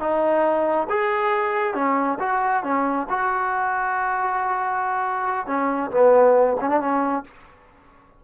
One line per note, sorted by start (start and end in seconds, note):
0.00 0.88 D#4
0.90 1.74 G#4
1.74 2.18 C#4
2.19 2.63 F#4
2.63 3.07 C#4
3.10 5.47 F#4
5.47 5.90 C#4
5.91 6.57 B3
6.61 6.69 C#4
6.69 6.80 D4
6.80 7.24 C#4